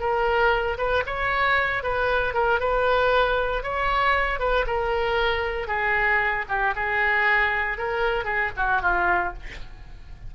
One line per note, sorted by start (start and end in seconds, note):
0.00 0.78 A#4
0.78 1.04 B4
1.06 1.83 C#5
1.83 2.34 B4
2.34 2.60 A#4
2.60 3.63 B4
3.63 4.39 C#5
4.39 4.65 B4
4.67 5.68 A#4
5.68 6.45 G#4
6.49 6.75 G4
6.76 7.78 G#4
7.78 8.25 A#4
8.25 8.51 G#4
8.57 8.82 F#4
8.82 9.34 F4